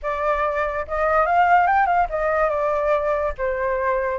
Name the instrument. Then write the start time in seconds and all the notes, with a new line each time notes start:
flute
0.02 D5
0.87 D#5
1.25 F5
1.66 G5
1.86 F5
2.09 D#5
2.49 D5
3.38 C5